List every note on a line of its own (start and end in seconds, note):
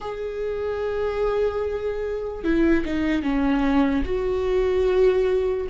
0.00 2.44 G#4
2.44 2.84 E4
2.85 3.22 D#4
3.22 4.03 C#4
4.05 5.67 F#4